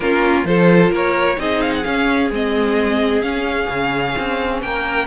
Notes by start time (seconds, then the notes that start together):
0.00 A#3 C#4 F4 A#4
0.44 F3 F4 A4 C5
0.91 A#3 A#4 C#5
1.36 C4 D#4 G#4 D#5
1.61 F5
1.75 F#5
1.83 C#4 F5
2.30 G#3 C4 D#5
3.21 C#4 F5
3.69 C#3
4.18 C4
4.61 A#3 A#4 G5